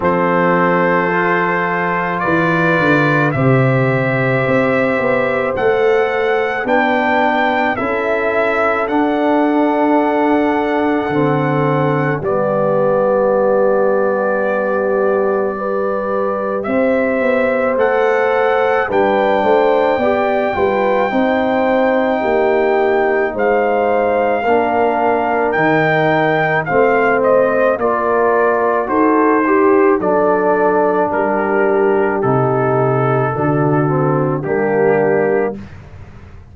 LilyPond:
<<
  \new Staff \with { instrumentName = "trumpet" } { \time 4/4 \tempo 4 = 54 c''2 d''4 e''4~ | e''4 fis''4 g''4 e''4 | fis''2. d''4~ | d''2. e''4 |
fis''4 g''2.~ | g''4 f''2 g''4 | f''8 dis''8 d''4 c''4 d''4 | ais'4 a'2 g'4 | }
  \new Staff \with { instrumentName = "horn" } { \time 4/4 a'2 b'4 c''4~ | c''2 b'4 a'4~ | a'2. g'4~ | g'2 b'4 c''4~ |
c''4 b'8 c''8 d''8 b'8 c''4 | g'4 c''4 ais'2 | c''4 ais'4 a'8 g'8 a'4 | g'2 fis'4 d'4 | }
  \new Staff \with { instrumentName = "trombone" } { \time 4/4 c'4 f'2 g'4~ | g'4 a'4 d'4 e'4 | d'2 c'4 b4~ | b2 g'2 |
a'4 d'4 g'8 f'8 dis'4~ | dis'2 d'4 dis'4 | c'4 f'4 fis'8 g'8 d'4~ | d'4 dis'4 d'8 c'8 ais4 | }
  \new Staff \with { instrumentName = "tuba" } { \time 4/4 f2 e8 d8 c4 | c'8 b8 a4 b4 cis'4 | d'2 d4 g4~ | g2. c'8 b8 |
a4 g8 a8 b8 g8 c'4 | ais4 gis4 ais4 dis4 | a4 ais4 dis'4 fis4 | g4 c4 d4 g4 | }
>>